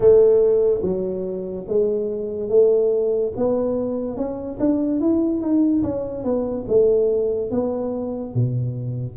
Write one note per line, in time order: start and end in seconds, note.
0.00 0.81 A3
0.82 1.65 F#3
1.67 2.48 G#3
2.48 3.32 A3
3.36 4.16 B3
4.16 4.58 C#4
4.59 5.00 D4
5.00 5.41 E4
5.41 5.82 D#4
5.83 6.23 C#4
6.23 6.65 B3
6.67 7.50 A3
7.50 8.34 B3
8.34 9.17 B2